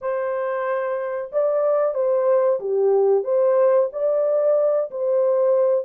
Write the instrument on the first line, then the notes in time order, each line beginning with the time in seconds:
horn
0.01 C5
1.32 D5
1.94 C5
2.60 G4
3.24 C5
3.92 D5
4.90 C5